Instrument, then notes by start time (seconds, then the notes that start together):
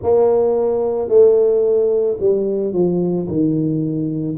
tuba
0.02 A#3
1.08 A3
2.19 G3
2.73 F3
3.28 D#3